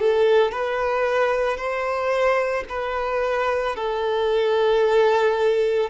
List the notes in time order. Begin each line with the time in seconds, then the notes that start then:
0.00 A4
0.52 B4
1.57 C5
2.69 B4
3.75 A4